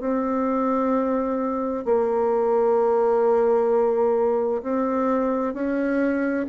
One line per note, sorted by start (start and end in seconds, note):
0.00 1.85 C4
1.85 4.62 A#3
4.62 5.53 C4
5.53 6.46 C#4